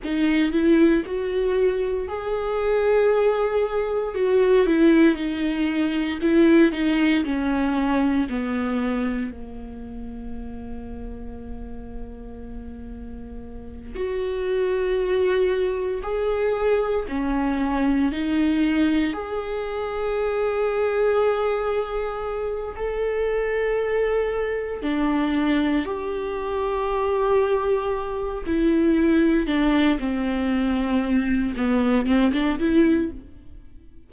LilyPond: \new Staff \with { instrumentName = "viola" } { \time 4/4 \tempo 4 = 58 dis'8 e'8 fis'4 gis'2 | fis'8 e'8 dis'4 e'8 dis'8 cis'4 | b4 ais2.~ | ais4. fis'2 gis'8~ |
gis'8 cis'4 dis'4 gis'4.~ | gis'2 a'2 | d'4 g'2~ g'8 e'8~ | e'8 d'8 c'4. b8 c'16 d'16 e'8 | }